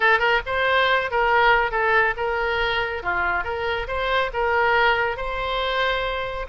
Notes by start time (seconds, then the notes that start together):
0.00 A4
0.19 A#4
0.46 C5
1.10 A#4
1.71 A4
2.17 A#4
3.03 F4
3.44 A#4
3.87 C5
4.33 A#4
5.16 C5